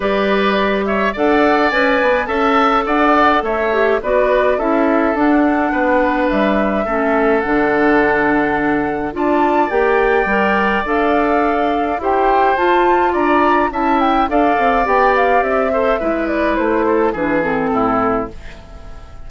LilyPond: <<
  \new Staff \with { instrumentName = "flute" } { \time 4/4 \tempo 4 = 105 d''4. e''8 fis''4 gis''4 | a''4 fis''4 e''4 d''4 | e''4 fis''2 e''4~ | e''4 fis''2. |
a''4 g''2 f''4~ | f''4 g''4 a''4 ais''4 | a''8 g''8 f''4 g''8 f''8 e''4~ | e''8 d''8 c''4 b'8 a'4. | }
  \new Staff \with { instrumentName = "oboe" } { \time 4/4 b'4. cis''8 d''2 | e''4 d''4 cis''4 b'4 | a'2 b'2 | a'1 |
d''1~ | d''4 c''2 d''4 | e''4 d''2~ d''8 c''8 | b'4. a'8 gis'4 e'4 | }
  \new Staff \with { instrumentName = "clarinet" } { \time 4/4 g'2 a'4 b'4 | a'2~ a'8 g'8 fis'4 | e'4 d'2. | cis'4 d'2. |
f'4 g'4 ais'4 a'4~ | a'4 g'4 f'2 | e'4 a'4 g'4. a'8 | e'2 d'8 c'4. | }
  \new Staff \with { instrumentName = "bassoon" } { \time 4/4 g2 d'4 cis'8 b8 | cis'4 d'4 a4 b4 | cis'4 d'4 b4 g4 | a4 d2. |
d'4 ais4 g4 d'4~ | d'4 e'4 f'4 d'4 | cis'4 d'8 c'8 b4 c'4 | gis4 a4 e4 a,4 | }
>>